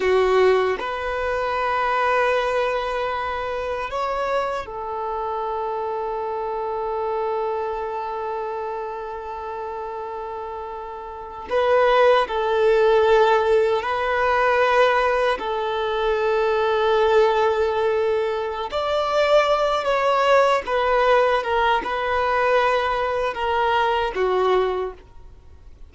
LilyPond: \new Staff \with { instrumentName = "violin" } { \time 4/4 \tempo 4 = 77 fis'4 b'2.~ | b'4 cis''4 a'2~ | a'1~ | a'2~ a'8. b'4 a'16~ |
a'4.~ a'16 b'2 a'16~ | a'1 | d''4. cis''4 b'4 ais'8 | b'2 ais'4 fis'4 | }